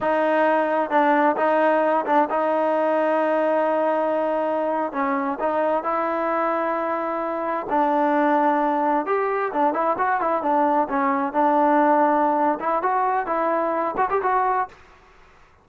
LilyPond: \new Staff \with { instrumentName = "trombone" } { \time 4/4 \tempo 4 = 131 dis'2 d'4 dis'4~ | dis'8 d'8 dis'2.~ | dis'2~ dis'8. cis'4 dis'16~ | dis'8. e'2.~ e'16~ |
e'8. d'2. g'16~ | g'8. d'8 e'8 fis'8 e'8 d'4 cis'16~ | cis'8. d'2~ d'8. e'8 | fis'4 e'4. fis'16 g'16 fis'4 | }